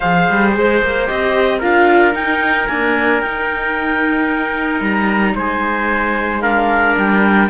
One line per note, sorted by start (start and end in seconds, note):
0.00 0.29 F3
0.00 1.06 G#4
0.00 1.58 C5
0.00 0.50 F5
0.29 0.56 G3
0.56 0.81 G#3
0.56 1.07 C5
0.81 1.08 A#3
1.06 1.62 C4
1.06 1.59 G4
1.06 1.61 D#5
1.58 2.14 D4
1.58 2.13 F4
1.58 5.33 A#4
1.58 2.14 F5
2.13 2.66 D#4
2.13 2.68 D#4
2.13 2.67 G5
2.67 3.22 A#3
2.67 3.22 D4
2.67 3.20 G#5
3.21 4.80 D#4
3.21 6.42 D#4
3.21 4.81 G5
4.80 5.34 G3
4.80 5.36 A#5
5.34 6.96 G#3
5.34 6.41 C5
5.34 6.41 G#5
6.41 7.49 D4
6.41 7.49 A#4
6.41 6.94 F5
6.96 7.49 G3
6.96 7.49 G5